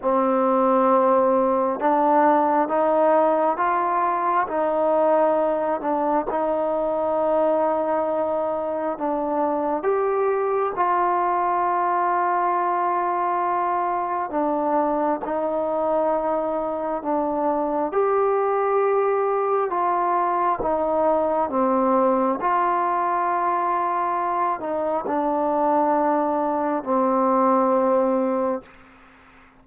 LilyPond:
\new Staff \with { instrumentName = "trombone" } { \time 4/4 \tempo 4 = 67 c'2 d'4 dis'4 | f'4 dis'4. d'8 dis'4~ | dis'2 d'4 g'4 | f'1 |
d'4 dis'2 d'4 | g'2 f'4 dis'4 | c'4 f'2~ f'8 dis'8 | d'2 c'2 | }